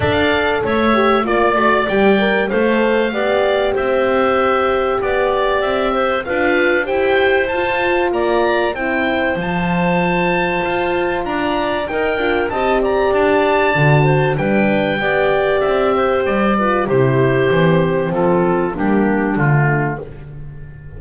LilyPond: <<
  \new Staff \with { instrumentName = "oboe" } { \time 4/4 \tempo 4 = 96 f''4 e''4 d''4 g''4 | f''2 e''2 | d''4 e''4 f''4 g''4 | a''4 ais''4 g''4 a''4~ |
a''2 ais''4 g''4 | a''8 ais''8 a''2 g''4~ | g''4 e''4 d''4 c''4~ | c''4 a'4 g'4 f'4 | }
  \new Staff \with { instrumentName = "clarinet" } { \time 4/4 d''4 cis''4 d''2 | c''4 d''4 c''2 | d''4. c''8 b'4 c''4~ | c''4 d''4 c''2~ |
c''2 d''4 ais'4 | dis''8 d''2 c''8 b'4 | d''4. c''4 b'8 g'4~ | g'4 f'4 d'2 | }
  \new Staff \with { instrumentName = "horn" } { \time 4/4 a'4. g'8 f'8 fis'8 g'8 ais'8 | a'4 g'2.~ | g'2 f'4 g'4 | f'2 e'4 f'4~ |
f'2. dis'8 f'8 | g'2 fis'4 d'4 | g'2~ g'8 f'8 e'4 | c'2 ais4 a4 | }
  \new Staff \with { instrumentName = "double bass" } { \time 4/4 d'4 a4 ais8 a8 g4 | a4 b4 c'2 | b4 c'4 d'4 e'4 | f'4 ais4 c'4 f4~ |
f4 f'4 d'4 dis'8 d'8 | c'4 d'4 d4 g4 | b4 c'4 g4 c4 | e4 f4 g4 d4 | }
>>